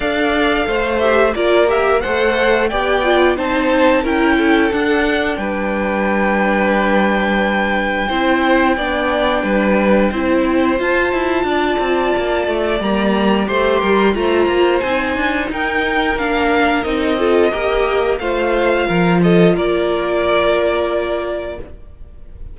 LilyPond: <<
  \new Staff \with { instrumentName = "violin" } { \time 4/4 \tempo 4 = 89 f''4. e''8 d''8 e''8 fis''4 | g''4 a''4 g''4 fis''4 | g''1~ | g''1 |
a''2. ais''4 | c'''4 ais''4 gis''4 g''4 | f''4 dis''2 f''4~ | f''8 dis''8 d''2. | }
  \new Staff \with { instrumentName = "violin" } { \time 4/4 d''4 c''4 ais'4 c''4 | d''4 c''4 ais'8 a'4. | b'1 | c''4 d''4 b'4 c''4~ |
c''4 d''2. | c''8 ais'8 c''2 ais'4~ | ais'4. a'8 ais'4 c''4 | ais'8 a'8 ais'2. | }
  \new Staff \with { instrumentName = "viola" } { \time 4/4 a'4. g'8 f'8 g'8 a'4 | g'8 f'8 dis'4 e'4 d'4~ | d'1 | e'4 d'2 e'4 |
f'2. ais4 | g'4 f'4 dis'2 | d'4 dis'8 f'8 g'4 f'4~ | f'1 | }
  \new Staff \with { instrumentName = "cello" } { \time 4/4 d'4 a4 ais4 a4 | b4 c'4 cis'4 d'4 | g1 | c'4 b4 g4 c'4 |
f'8 e'8 d'8 c'8 ais8 a8 g4 | a8 g8 a8 ais8 c'8 d'8 dis'4 | ais4 c'4 ais4 a4 | f4 ais2. | }
>>